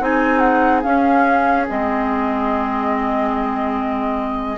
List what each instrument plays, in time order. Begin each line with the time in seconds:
0.00 bassoon C4, clarinet D#4, oboe G#4, flute G#5
0.39 flute F#5
0.82 clarinet C#4, bassoon C#4, flute F5
1.69 bassoon G#3, clarinet C4, flute D#5